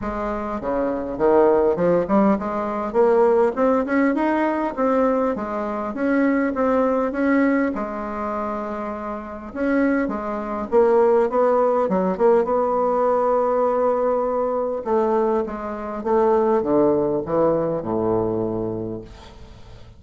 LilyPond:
\new Staff \with { instrumentName = "bassoon" } { \time 4/4 \tempo 4 = 101 gis4 cis4 dis4 f8 g8 | gis4 ais4 c'8 cis'8 dis'4 | c'4 gis4 cis'4 c'4 | cis'4 gis2. |
cis'4 gis4 ais4 b4 | fis8 ais8 b2.~ | b4 a4 gis4 a4 | d4 e4 a,2 | }